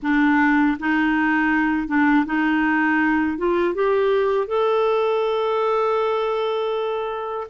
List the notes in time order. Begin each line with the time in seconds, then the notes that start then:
0.02 D4
0.79 D#4
1.87 D4
2.25 D#4
3.37 F4
3.74 G4
4.47 A4